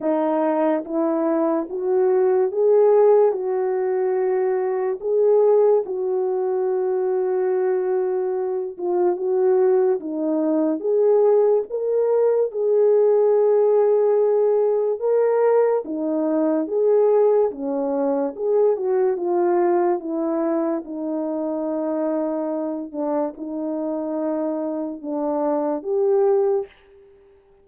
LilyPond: \new Staff \with { instrumentName = "horn" } { \time 4/4 \tempo 4 = 72 dis'4 e'4 fis'4 gis'4 | fis'2 gis'4 fis'4~ | fis'2~ fis'8 f'8 fis'4 | dis'4 gis'4 ais'4 gis'4~ |
gis'2 ais'4 dis'4 | gis'4 cis'4 gis'8 fis'8 f'4 | e'4 dis'2~ dis'8 d'8 | dis'2 d'4 g'4 | }